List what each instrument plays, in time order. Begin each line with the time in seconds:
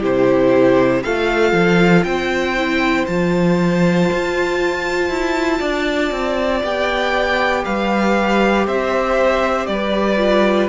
0.00 cello C3, viola E4, violin G4 C5
1.03 cello A3, viola F4, violin A4 F5
1.53 cello F3
2.04 cello C4, violin C5 G5
2.57 viola E4
3.07 cello F3, viola F4, violin A5
4.12 cello F4
5.10 cello E4
5.60 cello D4, violin D5
6.12 cello C4
6.64 cello B3, viola G4, violin G5
7.65 cello G3, violin B4 F5
8.67 cello C4, violin C5 E5
9.67 cello G3, violin B4 D5
10.18 viola F4